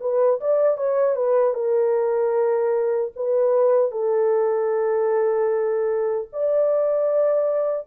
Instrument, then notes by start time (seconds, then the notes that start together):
horn
0.00 B4
0.40 D5
0.77 C#5
1.16 B4
1.54 A#4
3.15 B4
3.91 A4
6.32 D5